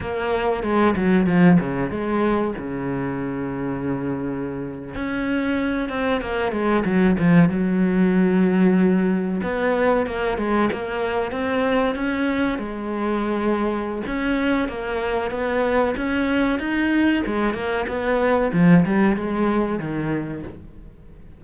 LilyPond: \new Staff \with { instrumentName = "cello" } { \time 4/4 \tempo 4 = 94 ais4 gis8 fis8 f8 cis8 gis4 | cis2.~ cis8. cis'16~ | cis'4~ cis'16 c'8 ais8 gis8 fis8 f8 fis16~ | fis2~ fis8. b4 ais16~ |
ais16 gis8 ais4 c'4 cis'4 gis16~ | gis2 cis'4 ais4 | b4 cis'4 dis'4 gis8 ais8 | b4 f8 g8 gis4 dis4 | }